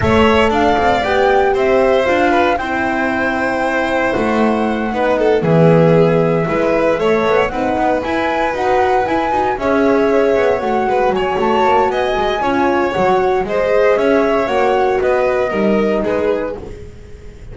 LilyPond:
<<
  \new Staff \with { instrumentName = "flute" } { \time 4/4 \tempo 4 = 116 e''4 f''4 g''4 e''4 | f''4 g''2. | fis''2~ fis''8 e''4.~ | e''2~ e''8 fis''4 gis''8~ |
gis''8 fis''4 gis''4 e''4.~ | e''8 fis''4 gis''8 a''4 gis''4~ | gis''4 fis''4 dis''4 e''4 | fis''4 dis''2 b'4 | }
  \new Staff \with { instrumentName = "violin" } { \time 4/4 cis''4 d''2 c''4~ | c''8 b'8 c''2.~ | c''4. b'8 a'8 gis'4.~ | gis'8 b'4 cis''4 b'4.~ |
b'2~ b'8 cis''4.~ | cis''4 b'8 cis''4. dis''4 | cis''2 c''4 cis''4~ | cis''4 b'4 ais'4 gis'4 | }
  \new Staff \with { instrumentName = "horn" } { \time 4/4 a'2 g'2 | f'4 e'2.~ | e'4. dis'4 b4.~ | b8 e'4 a'4 dis'4 e'8~ |
e'8 fis'4 e'8 fis'8 gis'4.~ | gis'8 fis'2.~ fis'8 | f'4 fis'4 gis'2 | fis'2 dis'2 | }
  \new Staff \with { instrumentName = "double bass" } { \time 4/4 a4 d'8 c'8 b4 c'4 | d'4 c'2. | a4. b4 e4.~ | e8 gis4 a8 b8 c'8 b8 e'8~ |
e'8 dis'4 e'8 dis'8 cis'4. | b8 a8 gis8 fis8 a8 ais8 b8 gis8 | cis'4 fis4 gis4 cis'4 | ais4 b4 g4 gis4 | }
>>